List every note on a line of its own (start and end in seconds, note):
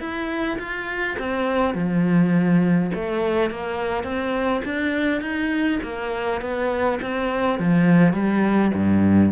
0.00 0.58 E4
0.59 1.17 F4
1.19 1.75 C4
1.75 2.91 F3
2.95 3.51 A3
3.51 4.04 A#3
4.04 4.62 C4
4.65 5.22 D4
5.22 5.80 D#4
5.83 6.42 A#3
6.42 7.00 B3
7.02 7.60 C4
7.60 8.14 F3
8.14 8.72 G3
8.74 9.32 G2